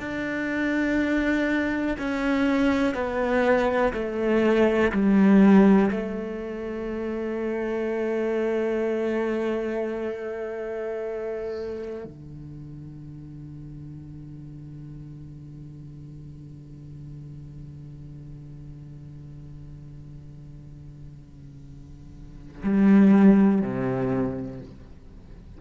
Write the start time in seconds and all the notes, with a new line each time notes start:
0.00 D4
1.99 C#4
2.95 B3
3.93 A3
4.92 G3
5.91 A3
12.04 D3
22.64 G3
23.62 C3